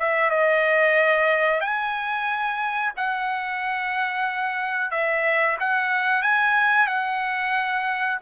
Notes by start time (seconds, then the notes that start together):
0.00 E5
0.31 D#5
1.61 G#5
2.97 F#5
4.92 E5
5.60 F#5
6.22 G#5
6.88 F#5